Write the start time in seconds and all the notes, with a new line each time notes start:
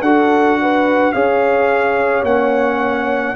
0.00 D4 F#4 A4 F#5
0.61 B4
1.12 C#4 G#4 C#5 F5
2.22 A#3 C#4 F#5